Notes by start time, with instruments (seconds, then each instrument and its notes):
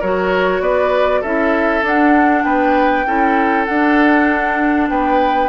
0.00 bassoon F#3, clarinet F#4, oboe A#4, flute C#5
0.61 bassoon B3, oboe B4, flute D5
1.21 bassoon C#4, clarinet E4, oboe A4, flute E5
1.82 bassoon D4, clarinet D4, flute F#5
2.43 bassoon B3, oboe B4, flute G5
3.06 bassoon C#4, clarinet E4, oboe A4
3.65 clarinet D4, bassoon D4, flute F#5
4.89 bassoon B3, oboe B4, flute G5